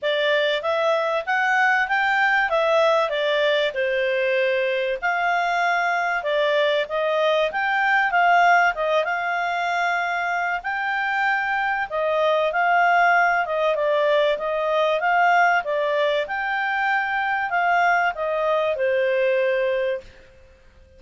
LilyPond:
\new Staff \with { instrumentName = "clarinet" } { \time 4/4 \tempo 4 = 96 d''4 e''4 fis''4 g''4 | e''4 d''4 c''2 | f''2 d''4 dis''4 | g''4 f''4 dis''8 f''4.~ |
f''4 g''2 dis''4 | f''4. dis''8 d''4 dis''4 | f''4 d''4 g''2 | f''4 dis''4 c''2 | }